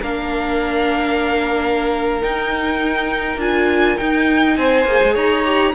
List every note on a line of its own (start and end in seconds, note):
0.00 2.23 A#3
0.00 2.22 D4
0.00 4.56 A#4
0.00 2.23 F5
2.22 3.40 D#4
2.22 3.37 D#4
2.22 3.40 G5
3.37 3.96 D4
3.37 3.98 F4
3.37 3.98 G#5
3.98 4.86 D#4
3.98 4.57 D#4
3.98 4.57 G5
4.57 4.85 C4
4.57 5.14 C5
4.57 5.16 G#5
4.85 5.00 A#3
4.85 5.45 G#4
5.03 5.15 G#3
5.14 5.74 D#4
5.14 5.73 C#5
5.14 5.75 A#5
5.45 5.74 G4